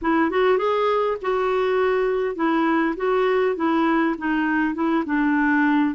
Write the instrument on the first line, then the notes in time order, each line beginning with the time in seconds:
clarinet
0.01 E4
0.30 F#4
0.58 G#4
1.21 F#4
2.35 E4
2.96 F#4
3.56 E4
4.18 D#4
4.74 E4
5.05 D4